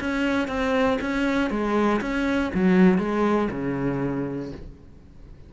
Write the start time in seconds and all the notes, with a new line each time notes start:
0.00 C#4
0.47 C4
1.01 C#4
1.50 G#3
2.01 C#4
2.54 F#3
2.98 G#3
3.50 C#3